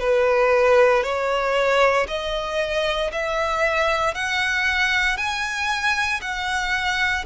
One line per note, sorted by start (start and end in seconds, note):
0.00 1.03 B4
1.03 2.07 C#5
2.07 3.11 D#5
3.12 4.14 E5
4.14 5.17 F#5
5.17 6.21 G#5
6.21 7.25 F#5